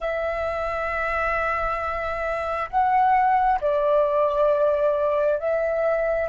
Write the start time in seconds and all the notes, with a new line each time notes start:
0.00 E5
2.69 F#5
3.60 D5
5.39 E5